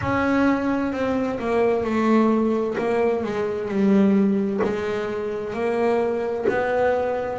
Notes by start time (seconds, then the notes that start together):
0.01 C#4
0.92 C4
1.39 A#3
1.84 A3
2.78 A#3
3.23 G#3
3.68 G3
4.63 G#3
5.53 A#3
6.49 B3